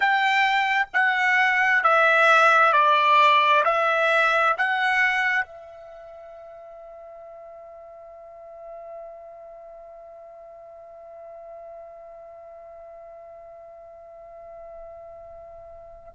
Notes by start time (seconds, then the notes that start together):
0.00 G5
0.93 F#5
1.83 E5
2.72 D5
3.64 E5
4.57 F#5
5.44 E5